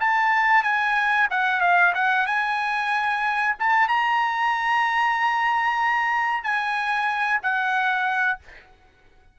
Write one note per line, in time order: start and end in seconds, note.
0.00 0.63 A5
0.63 1.28 G#5
1.31 1.61 F#5
1.61 1.93 F5
1.94 2.27 F#5
2.27 3.56 G#5
3.60 3.88 A5
3.88 6.44 A#5
6.44 7.40 G#5
7.42 8.39 F#5